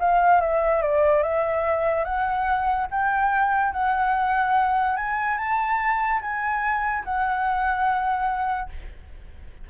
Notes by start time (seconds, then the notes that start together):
0.00 F5
0.41 E5
0.82 D5
1.23 E5
2.05 F#5
2.91 G5
3.73 F#5
4.97 G#5
5.38 A5
6.22 G#5
7.05 F#5